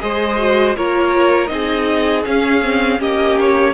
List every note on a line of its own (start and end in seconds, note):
0.00 0.77 G#3
0.00 0.38 G#4
0.00 0.76 C5
0.00 0.75 D#5
0.38 0.76 F#4
0.76 1.50 A#3
0.76 1.48 F4
0.76 1.51 A#4
0.76 1.47 C#5
1.47 2.25 C4
1.47 2.23 D#4
1.47 3.00 G#4
1.47 2.22 D#5
2.24 2.61 C#4
2.24 3.00 C#4
2.24 3.01 F5
2.62 2.99 C4
2.99 3.74 A#3
2.99 3.74 C#4
2.99 3.74 G4
2.99 3.39 D#5
3.40 3.74 C#5